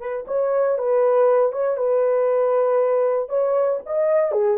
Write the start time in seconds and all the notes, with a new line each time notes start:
0.00 B4
0.28 C#5
0.78 B4
1.52 C#5
1.77 B4
3.29 C#5
3.86 D#5
4.32 G#4